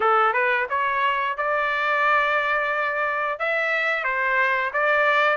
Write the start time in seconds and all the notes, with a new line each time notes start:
0.00 A4
0.33 B4
0.69 C#5
1.37 D5
3.39 E5
4.04 C5
4.73 D5